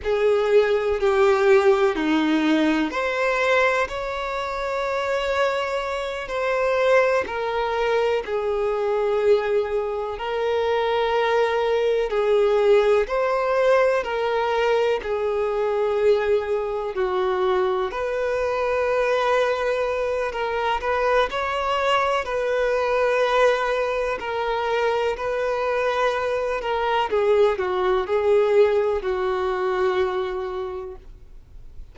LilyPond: \new Staff \with { instrumentName = "violin" } { \time 4/4 \tempo 4 = 62 gis'4 g'4 dis'4 c''4 | cis''2~ cis''8 c''4 ais'8~ | ais'8 gis'2 ais'4.~ | ais'8 gis'4 c''4 ais'4 gis'8~ |
gis'4. fis'4 b'4.~ | b'4 ais'8 b'8 cis''4 b'4~ | b'4 ais'4 b'4. ais'8 | gis'8 fis'8 gis'4 fis'2 | }